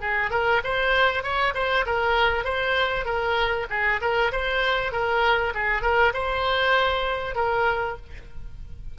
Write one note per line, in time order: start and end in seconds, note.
0.00 0.30 G#4
0.30 0.61 A#4
0.64 1.23 C5
1.23 1.53 C#5
1.54 1.85 C5
1.86 2.44 A#4
2.44 3.05 C5
3.05 3.66 A#4
3.70 4.00 G#4
4.01 4.31 A#4
4.32 4.92 C5
4.92 5.53 A#4
5.54 5.82 G#4
5.82 6.12 A#4
6.13 7.35 C5
7.35 7.96 A#4